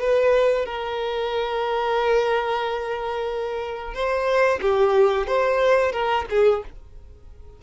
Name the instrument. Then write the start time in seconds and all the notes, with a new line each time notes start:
violin
0.00 B4
0.65 A#4
3.94 C5
4.61 G4
5.27 C5
5.92 A#4
6.29 G#4